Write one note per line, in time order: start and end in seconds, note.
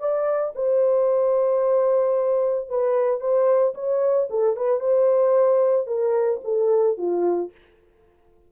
0.00 0.54 D5
0.56 2.70 C5
2.70 3.21 B4
3.21 3.75 C5
3.75 4.29 C#5
4.30 4.57 A4
4.57 4.80 B4
4.80 5.88 C5
5.88 6.41 A#4
6.45 6.98 A4
6.98 7.51 F4